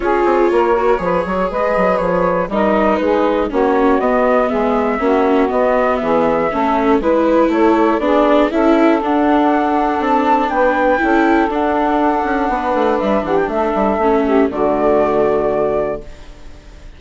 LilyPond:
<<
  \new Staff \with { instrumentName = "flute" } { \time 4/4 \tempo 4 = 120 cis''2. dis''4 | cis''4 dis''4 b'4 cis''4 | dis''4 e''2 dis''4 | e''2 b'4 cis''4 |
d''4 e''4 fis''2 | a''4 g''2 fis''4~ | fis''2 e''8 fis''16 g''16 e''4~ | e''4 d''2. | }
  \new Staff \with { instrumentName = "saxophone" } { \time 4/4 gis'4 ais'4 b'8 cis''8 b'4~ | b'4 ais'4 gis'4 fis'4~ | fis'4 gis'4 fis'2 | gis'4 a'4 b'4 a'4 |
gis'4 a'2.~ | a'4 b'4 a'2~ | a'4 b'4. g'8 a'4~ | a'8 g'8 fis'2. | }
  \new Staff \with { instrumentName = "viola" } { \time 4/4 f'4. fis'8 gis'2~ | gis'4 dis'2 cis'4 | b2 cis'4 b4~ | b4 cis'4 e'2 |
d'4 e'4 d'2~ | d'2 e'4 d'4~ | d'1 | cis'4 a2. | }
  \new Staff \with { instrumentName = "bassoon" } { \time 4/4 cis'8 c'8 ais4 f8 fis8 gis8 fis8 | f4 g4 gis4 ais4 | b4 gis4 ais4 b4 | e4 a4 gis4 a4 |
b4 cis'4 d'2 | c'4 b4 cis'4 d'4~ | d'8 cis'8 b8 a8 g8 e8 a8 g8 | a4 d2. | }
>>